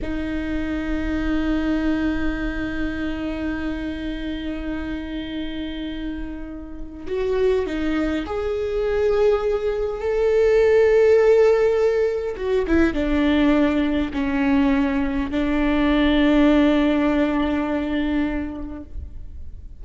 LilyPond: \new Staff \with { instrumentName = "viola" } { \time 4/4 \tempo 4 = 102 dis'1~ | dis'1~ | dis'1 | fis'4 dis'4 gis'2~ |
gis'4 a'2.~ | a'4 fis'8 e'8 d'2 | cis'2 d'2~ | d'1 | }